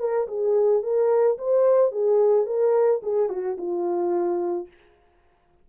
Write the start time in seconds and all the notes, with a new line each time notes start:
0.00 A#4
0.28 G#4
0.83 A#4
1.38 C5
1.92 G#4
2.46 A#4
3.03 G#4
3.29 F#4
3.58 F4